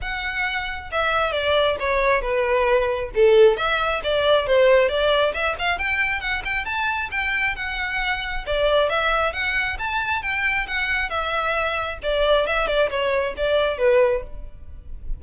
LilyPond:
\new Staff \with { instrumentName = "violin" } { \time 4/4 \tempo 4 = 135 fis''2 e''4 d''4 | cis''4 b'2 a'4 | e''4 d''4 c''4 d''4 | e''8 f''8 g''4 fis''8 g''8 a''4 |
g''4 fis''2 d''4 | e''4 fis''4 a''4 g''4 | fis''4 e''2 d''4 | e''8 d''8 cis''4 d''4 b'4 | }